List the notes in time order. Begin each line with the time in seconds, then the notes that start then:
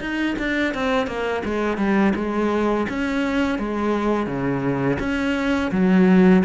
0.00 D#4
0.38 D4
0.74 C4
1.06 A#3
1.44 G#3
1.77 G3
2.15 G#3
2.89 C#4
3.58 G#3
4.26 C#3
4.99 C#4
5.71 F#3